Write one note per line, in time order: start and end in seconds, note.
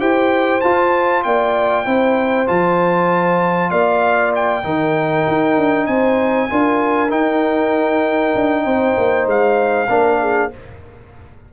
0.00 0.63 E4
0.00 0.62 G4
0.00 1.24 C5
0.00 0.61 G5
0.61 1.86 F4
0.61 1.26 F4
0.61 1.23 A5
1.24 1.87 A#3
1.24 1.86 D5
1.24 2.48 G5
1.86 2.48 C4
1.86 2.47 E4
1.86 3.71 C5
2.47 3.72 F3
2.47 4.63 F4
2.47 3.71 A5
3.71 4.65 A#3
3.71 4.64 D5
3.71 4.33 F5
4.36 5.87 G5
4.64 5.26 D#3
4.64 6.50 D#4
4.64 5.87 A#4
5.28 5.58 D#4
5.58 5.88 D4
5.87 6.50 C4
5.87 6.49 C5
5.87 7.11 G#5
6.50 7.11 D4
6.50 7.09 F4
6.50 8.65 A#4
7.09 9.88 D#4
7.09 8.35 D#4
7.09 9.28 G5
8.35 8.66 D4
8.65 8.97 C4
8.65 9.88 C5
8.98 9.27 A#3
9.27 9.89 G#3
9.27 10.53 F5
9.89 10.51 A#3
9.89 10.51 D4
9.89 10.21 A#4
10.21 10.52 G#4